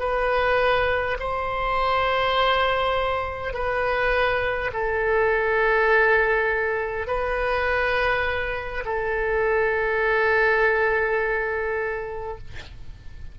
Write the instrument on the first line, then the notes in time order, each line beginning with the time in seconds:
oboe
0.00 B4
1.20 C5
3.53 B4
4.73 A4
7.07 B4
8.85 A4